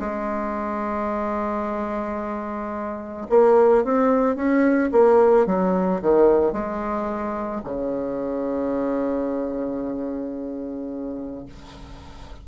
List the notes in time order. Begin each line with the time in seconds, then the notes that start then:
0.00 G#3
3.30 A#3
3.84 C4
4.36 C#4
4.92 A#3
5.46 F#3
6.02 D#3
6.53 G#3
7.64 C#3